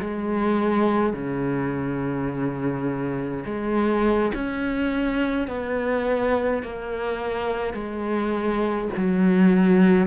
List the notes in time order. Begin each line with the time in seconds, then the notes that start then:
0.00 G#3
1.13 C#3
3.46 G#3
4.34 C#4
5.48 B3
6.63 A#3
7.74 G#3
8.97 F#3